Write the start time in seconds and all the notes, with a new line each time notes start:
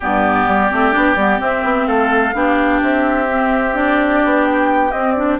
0.00 G2 B3 G4 D5
0.47 G3
0.70 A3 C4
0.92 B3 D4
1.15 G3 B3
1.39 C4 E5
1.63 B3
1.86 A3 A4 F5
2.33 B3 D4 G4
2.81 C4 E5
3.31 C4
3.73 D4 D5
4.24 B3
4.45 G5
4.91 C4 D#5
5.13 D4 D5